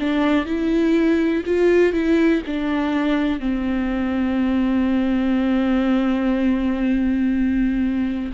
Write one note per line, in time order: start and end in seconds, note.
0.00 0.46 D4
0.46 1.44 E4
1.46 1.93 F4
1.93 2.42 E4
2.47 3.40 D4
3.40 8.32 C4